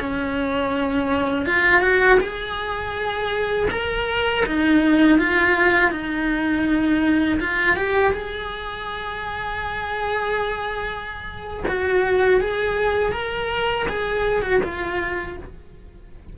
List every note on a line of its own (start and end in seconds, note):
0.00 1.46 C#4
1.46 1.81 F4
1.81 2.19 F#4
2.20 3.68 G#4
3.71 4.45 A#4
4.46 5.19 D#4
5.19 5.91 F4
5.91 7.39 D#4
7.39 7.76 F4
7.76 8.12 G4
8.12 11.64 G#4
11.68 12.41 F#4
12.41 13.12 G#4
13.12 13.86 A#4
13.89 14.42 G#4
14.42 14.61 F#4
14.63 15.37 F4